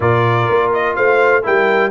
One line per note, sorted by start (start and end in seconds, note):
0.00 0.48 A#2
0.00 1.43 F4
0.00 0.94 A#4
0.00 0.72 D5
0.49 0.97 A#3
0.73 0.95 D#5
0.95 1.45 A3
0.95 1.44 C5
0.95 1.43 F5
1.43 1.90 G3
1.43 1.90 E4
1.43 1.90 A#4
1.43 1.90 G5